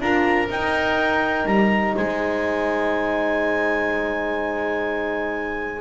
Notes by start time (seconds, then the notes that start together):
0.00 D4 F4 A#4 A#5
0.49 D#4 G5
1.46 G3 A#5
1.95 G#3 C5 G#5